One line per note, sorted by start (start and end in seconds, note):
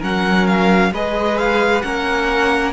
0.00 0.93 F#3
0.00 0.92 C#4
0.00 0.91 A#4
0.00 0.48 F#5
0.48 0.93 F5
0.93 1.84 G#3
0.93 1.83 G#4
0.93 1.85 B4
0.93 1.38 D#5
1.38 1.82 F5
1.82 2.74 A#3
1.82 2.74 C#4
1.82 2.74 A#4
1.82 2.73 F#5